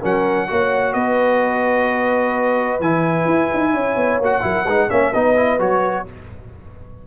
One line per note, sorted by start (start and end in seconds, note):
0.00 0.50 F#3
0.00 0.47 C#4
0.00 0.47 A#4
0.00 0.93 F#5
0.47 0.94 A#3
0.47 2.80 F#4
0.47 0.93 C#5
0.93 2.80 B3
0.93 3.72 B4
0.93 2.79 D#5
2.80 3.25 E3
2.80 4.22 E4
2.80 4.20 G#5
3.25 3.48 E4
3.53 3.73 D#4
3.73 3.95 C#4
3.73 4.42 C#5
3.95 4.19 B3
4.19 4.42 A#3
4.19 4.41 F#4
4.19 4.90 F#5
4.41 4.65 F#3
4.41 4.64 E4
4.41 4.64 A#4
4.64 4.88 G#3
4.64 4.89 D#4
4.64 4.87 B4
4.89 5.14 A#3
4.89 5.12 C#4
4.89 5.13 C#5
4.89 5.13 E5
5.13 5.59 B3
5.13 5.35 D#4
5.13 6.06 B4
5.13 5.59 D#5
5.35 5.59 E4
5.59 6.05 F#3
5.59 6.06 F#4
5.59 6.07 C#5